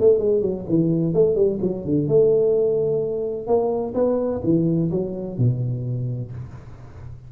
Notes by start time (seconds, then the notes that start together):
0.00 A3
0.19 G#3
0.42 F#3
0.69 E3
1.14 A3
1.36 G3
1.62 F#3
1.85 D3
2.08 A3
3.47 A#3
3.95 B3
4.44 E3
4.91 F#3
5.38 B2